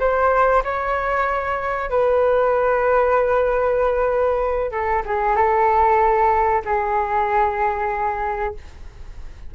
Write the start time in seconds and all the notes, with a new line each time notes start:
0.00 C5
0.64 C#5
1.90 B4
4.72 A4
5.06 G#4
5.36 A4
6.65 G#4